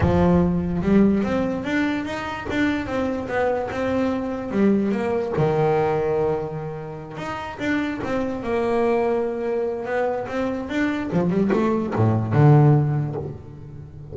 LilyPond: \new Staff \with { instrumentName = "double bass" } { \time 4/4 \tempo 4 = 146 f2 g4 c'4 | d'4 dis'4 d'4 c'4 | b4 c'2 g4 | ais4 dis2.~ |
dis4. dis'4 d'4 c'8~ | c'8 ais2.~ ais8 | b4 c'4 d'4 f8 g8 | a4 a,4 d2 | }